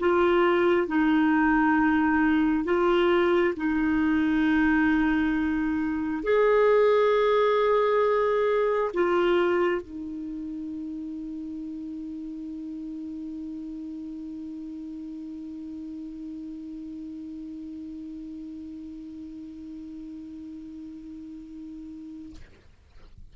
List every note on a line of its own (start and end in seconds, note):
0.00 0.88 F4
0.88 2.65 D#4
2.65 3.54 F4
3.57 6.23 D#4
6.23 8.92 G#4
8.94 9.82 F4
9.82 22.36 D#4